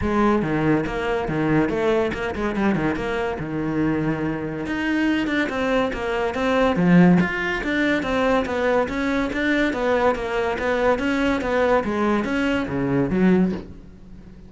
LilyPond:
\new Staff \with { instrumentName = "cello" } { \time 4/4 \tempo 4 = 142 gis4 dis4 ais4 dis4 | a4 ais8 gis8 g8 dis8 ais4 | dis2. dis'4~ | dis'8 d'8 c'4 ais4 c'4 |
f4 f'4 d'4 c'4 | b4 cis'4 d'4 b4 | ais4 b4 cis'4 b4 | gis4 cis'4 cis4 fis4 | }